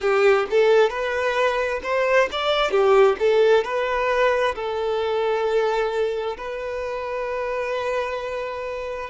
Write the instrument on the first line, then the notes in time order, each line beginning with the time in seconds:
violin
0.00 G4
0.50 A4
0.89 B4
1.83 C5
2.31 D5
2.70 G4
3.19 A4
3.64 B4
4.55 A4
6.37 B4